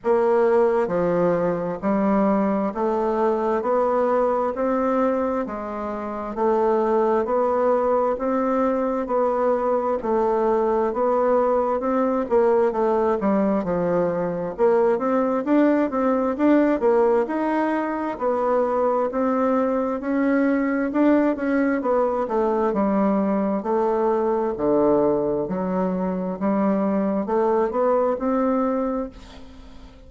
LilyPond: \new Staff \with { instrumentName = "bassoon" } { \time 4/4 \tempo 4 = 66 ais4 f4 g4 a4 | b4 c'4 gis4 a4 | b4 c'4 b4 a4 | b4 c'8 ais8 a8 g8 f4 |
ais8 c'8 d'8 c'8 d'8 ais8 dis'4 | b4 c'4 cis'4 d'8 cis'8 | b8 a8 g4 a4 d4 | fis4 g4 a8 b8 c'4 | }